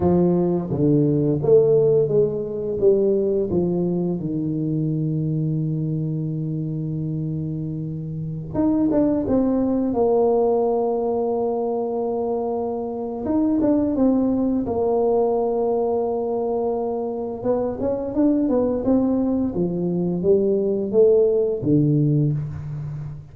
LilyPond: \new Staff \with { instrumentName = "tuba" } { \time 4/4 \tempo 4 = 86 f4 d4 a4 gis4 | g4 f4 dis2~ | dis1~ | dis16 dis'8 d'8 c'4 ais4.~ ais16~ |
ais2. dis'8 d'8 | c'4 ais2.~ | ais4 b8 cis'8 d'8 b8 c'4 | f4 g4 a4 d4 | }